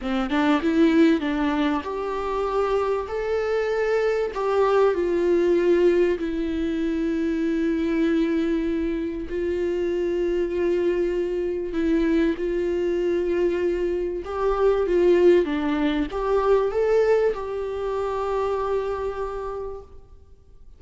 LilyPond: \new Staff \with { instrumentName = "viola" } { \time 4/4 \tempo 4 = 97 c'8 d'8 e'4 d'4 g'4~ | g'4 a'2 g'4 | f'2 e'2~ | e'2. f'4~ |
f'2. e'4 | f'2. g'4 | f'4 d'4 g'4 a'4 | g'1 | }